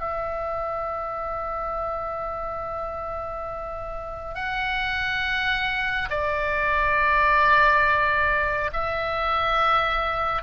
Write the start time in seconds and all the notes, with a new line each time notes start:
0.00 E5
4.35 F#5
6.10 D5
8.73 E5